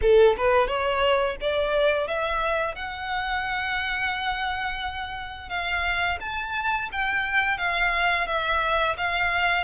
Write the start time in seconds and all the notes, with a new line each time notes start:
0.01 A4
0.37 B4
0.67 C#5
1.40 D5
2.07 E5
2.75 F#5
5.49 F5
6.20 A5
6.92 G5
7.57 F5
8.26 E5
8.97 F5